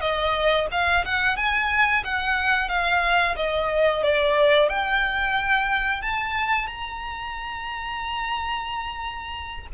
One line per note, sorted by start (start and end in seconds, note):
0.00 0.67 D#5
0.71 1.04 F5
1.05 1.36 F#5
1.36 2.03 G#5
2.04 2.68 F#5
2.68 3.35 F5
3.36 4.02 D#5
4.03 4.68 D5
4.68 6.02 G5
6.02 6.67 A5
6.67 9.67 A#5